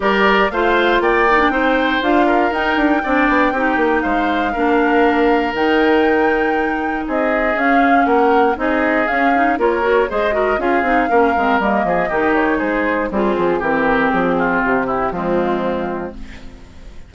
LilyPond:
<<
  \new Staff \with { instrumentName = "flute" } { \time 4/4 \tempo 4 = 119 d''4 f''4 g''2 | f''4 g''2. | f''2. g''4~ | g''2 dis''4 f''4 |
fis''4 dis''4 f''4 cis''4 | dis''4 f''2 dis''4~ | dis''8 cis''8 c''4 gis'4 ais'4 | gis'4 g'4 f'2 | }
  \new Staff \with { instrumentName = "oboe" } { \time 4/4 ais'4 c''4 d''4 c''4~ | c''8 ais'4. d''4 g'4 | c''4 ais'2.~ | ais'2 gis'2 |
ais'4 gis'2 ais'4 | c''8 ais'8 gis'4 ais'4. gis'8 | g'4 gis'4 c'4 g'4~ | g'8 f'4 e'8 c'2 | }
  \new Staff \with { instrumentName = "clarinet" } { \time 4/4 g'4 f'4. dis'16 d'16 dis'4 | f'4 dis'4 d'4 dis'4~ | dis'4 d'2 dis'4~ | dis'2. cis'4~ |
cis'4 dis'4 cis'8 dis'8 f'8 fis'8 | gis'8 fis'8 f'8 dis'8 cis'8 c'8 ais4 | dis'2 f'4 c'4~ | c'2 gis2 | }
  \new Staff \with { instrumentName = "bassoon" } { \time 4/4 g4 a4 ais4 c'4 | d'4 dis'8 d'8 c'8 b8 c'8 ais8 | gis4 ais2 dis4~ | dis2 c'4 cis'4 |
ais4 c'4 cis'4 ais4 | gis4 cis'8 c'8 ais8 gis8 g8 f8 | dis4 gis4 g8 f8 e4 | f4 c4 f2 | }
>>